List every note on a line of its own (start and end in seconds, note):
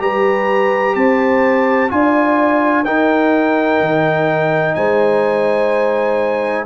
0.00 0.96 G3
0.00 1.90 G4
0.00 0.96 B4
0.00 0.95 A#5
0.95 1.91 C4
0.95 1.91 C5
0.95 1.91 A5
1.90 2.86 D4
1.90 2.85 F4
1.90 2.86 D5
1.90 2.85 G#5
2.85 3.81 D#4
2.85 6.66 D#4
2.85 4.77 A#4
2.85 4.75 G5
3.81 4.76 D#3
4.75 6.66 G#3
4.75 6.66 C5
4.75 6.65 G#5